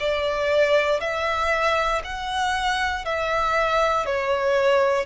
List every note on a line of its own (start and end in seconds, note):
0.00 1.00 D5
1.00 2.02 E5
2.04 3.05 F#5
3.05 4.06 E5
4.06 5.06 C#5